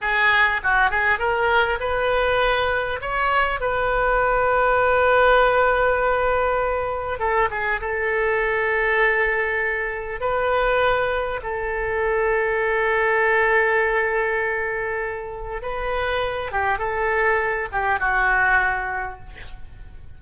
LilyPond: \new Staff \with { instrumentName = "oboe" } { \time 4/4 \tempo 4 = 100 gis'4 fis'8 gis'8 ais'4 b'4~ | b'4 cis''4 b'2~ | b'1 | a'8 gis'8 a'2.~ |
a'4 b'2 a'4~ | a'1~ | a'2 b'4. g'8 | a'4. g'8 fis'2 | }